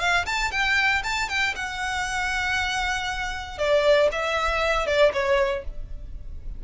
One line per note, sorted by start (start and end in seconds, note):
0.00 0.26 F5
0.26 0.52 A5
0.52 1.03 G5
1.04 1.29 A5
1.29 1.55 G5
1.55 3.58 F#5
3.58 4.10 D5
4.12 4.87 E5
4.87 5.13 D5
5.13 5.65 C#5